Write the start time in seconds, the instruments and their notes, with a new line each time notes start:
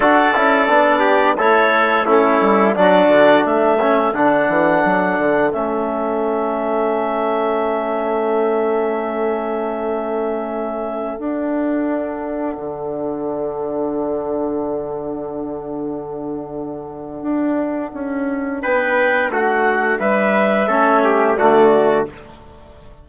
0.00 bassoon D4, trombone F#4, trumpet A4, clarinet D5
0.34 bassoon C#4, trombone E4
0.68 bassoon B3, trombone D4
0.99 trumpet G4
1.37 bassoon A3, trombone E4, trumpet A4, clarinet C#5
2.05 trombone C#4, trumpet E4, clarinet A4
2.40 bassoon G3
2.75 bassoon F#3, trombone D4, trumpet F#4, clarinet D5
3.08 bassoon D3
3.45 bassoon A3, trumpet A4, clarinet E5
3.79 trombone C#4
4.12 bassoon D3, trombone D4, clarinet F#5
4.48 bassoon E3
4.84 bassoon F#3
5.18 bassoon D3
5.52 bassoon A3, trombone C#4, clarinet E5
11.18 bassoon D4, trombone D4, clarinet F#5
12.57 bassoon D3
17.22 bassoon D4
17.93 bassoon C#4
18.62 bassoon B3, trumpet B4, clarinet G5
19.29 bassoon A3, trumpet F#4, clarinet F#5
19.99 bassoon G3, trumpet B4, clarinet E5
20.67 bassoon A3, trombone C#4, trumpet A4
21.03 trumpet G4
21.36 bassoon D3, trombone A3, trumpet F#4, clarinet D5